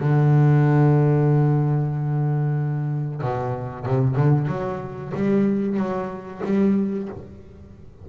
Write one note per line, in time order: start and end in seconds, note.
0.00 3.22 D3
3.22 3.86 B2
3.86 4.16 C3
4.16 4.48 D3
4.48 5.12 F#3
5.15 5.77 G3
5.77 6.42 F#3
6.45 7.09 G3